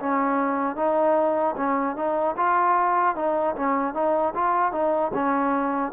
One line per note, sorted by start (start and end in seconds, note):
0.00 0.76 C#4
0.76 1.55 D#4
1.57 1.96 C#4
1.97 2.36 D#4
2.37 3.16 F4
3.16 3.56 D#4
3.56 3.94 C#4
3.94 4.34 D#4
4.35 4.73 F4
4.73 5.12 D#4
5.14 5.93 C#4